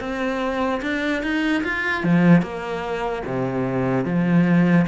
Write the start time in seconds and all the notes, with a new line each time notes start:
0.00 C4
0.82 D4
1.23 D#4
1.63 F4
2.03 F3
2.42 A#3
3.25 C3
4.05 F3